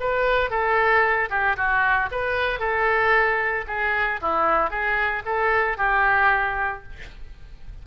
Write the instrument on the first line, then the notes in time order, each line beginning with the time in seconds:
oboe
0.00 B4
0.50 A4
1.30 G4
1.57 F#4
2.11 B4
2.60 A4
3.67 G#4
4.22 E4
4.70 G#4
5.25 A4
5.78 G4